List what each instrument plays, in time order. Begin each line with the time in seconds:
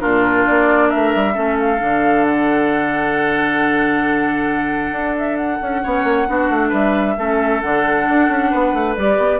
0.00 bassoon A#2, clarinet D4, oboe F4, flute A#4
0.48 bassoon A#3, flute D5
0.89 oboe A#4, flute E5
0.95 bassoon A3
1.15 bassoon G3
1.34 bassoon A3, clarinet C#4, oboe A4
1.60 flute F5
1.79 bassoon D3, clarinet D4
2.25 flute F#5
4.92 bassoon D4
5.18 flute E5
5.37 flute F#5
5.62 bassoon C#4
5.83 bassoon B3, clarinet C#4, oboe C#5
6.04 bassoon A#3
6.28 bassoon B3, clarinet D4, oboe F#4
6.50 bassoon A3
6.69 bassoon G3, oboe B4, flute E5
7.18 bassoon A3, clarinet C#4, oboe A4
7.61 bassoon D3, clarinet D4, flute F#5
8.09 bassoon D4
8.29 bassoon C#4
8.51 bassoon B3, oboe B4
8.74 bassoon A3
8.96 bassoon G3, clarinet G4, flute D5
9.18 bassoon B3